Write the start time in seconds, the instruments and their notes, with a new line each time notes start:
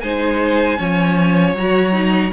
0.00 cello G#3, viola D#4, violin C5 G#5
0.77 cello F3, viola C#4, violin C#5
1.54 cello F#3, viola F#4, violin A#5
1.92 viola D#4